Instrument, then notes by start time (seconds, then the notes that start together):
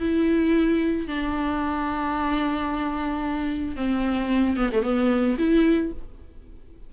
viola
0.00 E4
1.07 D4
3.76 C4
4.57 B3
4.72 A3
4.83 B3
5.38 E4